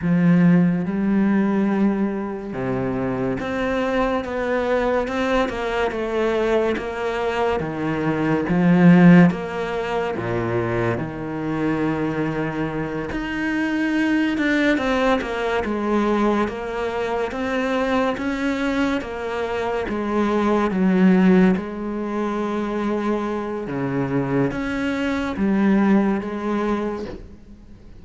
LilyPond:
\new Staff \with { instrumentName = "cello" } { \time 4/4 \tempo 4 = 71 f4 g2 c4 | c'4 b4 c'8 ais8 a4 | ais4 dis4 f4 ais4 | ais,4 dis2~ dis8 dis'8~ |
dis'4 d'8 c'8 ais8 gis4 ais8~ | ais8 c'4 cis'4 ais4 gis8~ | gis8 fis4 gis2~ gis8 | cis4 cis'4 g4 gis4 | }